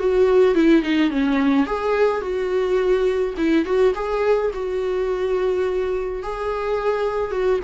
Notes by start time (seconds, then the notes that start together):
0.00 F#4
0.55 E4
0.83 D#4
1.11 C#4
1.66 G#4
2.22 F#4
3.38 E4
3.66 F#4
3.95 G#4
4.54 F#4
6.23 G#4
7.31 F#4